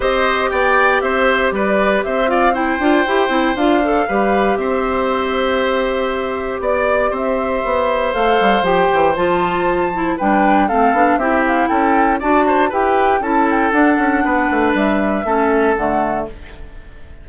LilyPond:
<<
  \new Staff \with { instrumentName = "flute" } { \time 4/4 \tempo 4 = 118 dis''4 g''4 e''4 d''4 | e''8 f''8 g''2 f''4~ | f''4 e''2.~ | e''4 d''4 e''2 |
f''4 g''4 a''2 | g''4 f''4 e''8 f''8 g''4 | a''4 g''4 a''8 g''8 fis''4~ | fis''4 e''2 fis''4 | }
  \new Staff \with { instrumentName = "oboe" } { \time 4/4 c''4 d''4 c''4 b'4 | c''8 d''8 c''2. | b'4 c''2.~ | c''4 d''4 c''2~ |
c''1 | b'4 a'4 g'4 a'4 | d''8 c''8 b'4 a'2 | b'2 a'2 | }
  \new Staff \with { instrumentName = "clarinet" } { \time 4/4 g'1~ | g'8 f'8 e'8 f'8 g'8 e'8 f'8 a'8 | g'1~ | g'1 |
a'4 g'4 f'4. e'8 | d'4 c'8 d'8 e'2 | fis'4 g'4 e'4 d'4~ | d'2 cis'4 a4 | }
  \new Staff \with { instrumentName = "bassoon" } { \time 4/4 c'4 b4 c'4 g4 | c'4. d'8 e'8 c'8 d'4 | g4 c'2.~ | c'4 b4 c'4 b4 |
a8 g8 f8 e8 f2 | g4 a8 b8 c'4 cis'4 | d'4 e'4 cis'4 d'8 cis'8 | b8 a8 g4 a4 d4 | }
>>